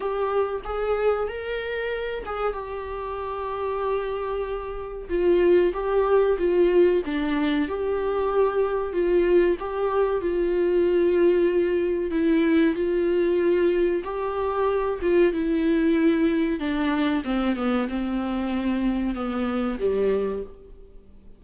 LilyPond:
\new Staff \with { instrumentName = "viola" } { \time 4/4 \tempo 4 = 94 g'4 gis'4 ais'4. gis'8 | g'1 | f'4 g'4 f'4 d'4 | g'2 f'4 g'4 |
f'2. e'4 | f'2 g'4. f'8 | e'2 d'4 c'8 b8 | c'2 b4 g4 | }